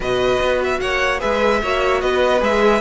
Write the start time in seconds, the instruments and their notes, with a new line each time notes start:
0.00 cello B2, viola F#4, violin B4 D#5
0.40 cello B3
0.64 violin E5
0.80 cello A#3, violin C#5 F#5
1.18 cello G#3, viola G#4, violin B4 E5
1.62 cello A#3, viola F#4, violin C#5
2.01 cello B3, violin B4 D#5
2.39 cello G#3, viola G#4, violin E5